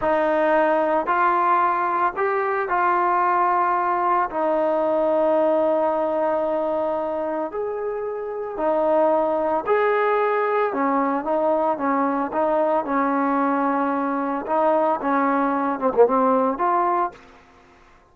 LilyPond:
\new Staff \with { instrumentName = "trombone" } { \time 4/4 \tempo 4 = 112 dis'2 f'2 | g'4 f'2. | dis'1~ | dis'2 gis'2 |
dis'2 gis'2 | cis'4 dis'4 cis'4 dis'4 | cis'2. dis'4 | cis'4. c'16 ais16 c'4 f'4 | }